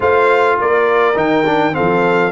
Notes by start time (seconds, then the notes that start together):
0.00 A3 F4 C5 F5
0.60 A#3 A#4 D5
1.14 D#3 D#4 G5
1.46 D4
1.72 C4 A4 F5
1.79 F3